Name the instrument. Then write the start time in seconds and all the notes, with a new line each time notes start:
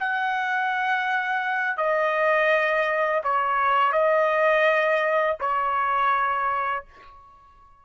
trumpet
0.00 F#5
1.78 D#5
3.24 C#5
3.93 D#5
5.41 C#5